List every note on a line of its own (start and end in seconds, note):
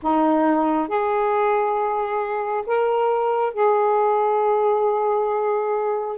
0.02 0.87 D#4
0.87 2.64 G#4
2.66 3.53 A#4
3.53 6.18 G#4